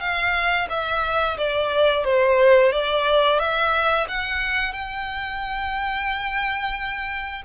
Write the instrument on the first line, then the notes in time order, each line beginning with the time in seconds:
violin
0.00 F5
0.70 E5
1.38 D5
2.04 C5
2.72 D5
3.39 E5
4.08 F#5
4.73 G5